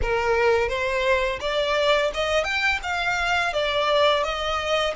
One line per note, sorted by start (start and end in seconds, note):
0.02 0.68 A#4
0.68 1.39 C5
1.40 2.11 D5
2.14 2.44 D#5
2.44 2.79 G5
2.82 3.53 F5
3.53 4.23 D5
4.23 4.94 D#5